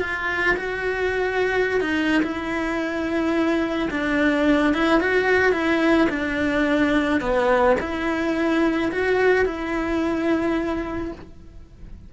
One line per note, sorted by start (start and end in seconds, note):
0.00 0.56 F4
0.57 1.81 F#4
1.81 2.22 D#4
2.22 3.89 E4
3.91 4.74 D4
4.74 5.00 E4
5.00 5.52 F#4
5.52 6.08 E4
6.10 7.21 D4
7.21 7.76 B3
7.80 8.91 E4
8.92 9.45 F#4
9.45 11.12 E4